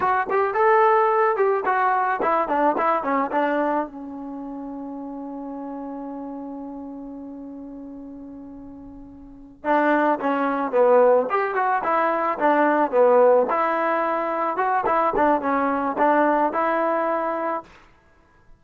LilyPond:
\new Staff \with { instrumentName = "trombone" } { \time 4/4 \tempo 4 = 109 fis'8 g'8 a'4. g'8 fis'4 | e'8 d'8 e'8 cis'8 d'4 cis'4~ | cis'1~ | cis'1~ |
cis'4. d'4 cis'4 b8~ | b8 g'8 fis'8 e'4 d'4 b8~ | b8 e'2 fis'8 e'8 d'8 | cis'4 d'4 e'2 | }